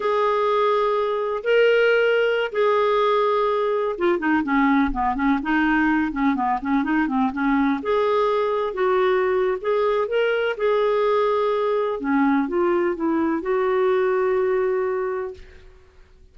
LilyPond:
\new Staff \with { instrumentName = "clarinet" } { \time 4/4 \tempo 4 = 125 gis'2. ais'4~ | ais'4~ ais'16 gis'2~ gis'8.~ | gis'16 f'8 dis'8 cis'4 b8 cis'8 dis'8.~ | dis'8. cis'8 b8 cis'8 dis'8 c'8 cis'8.~ |
cis'16 gis'2 fis'4.~ fis'16 | gis'4 ais'4 gis'2~ | gis'4 cis'4 f'4 e'4 | fis'1 | }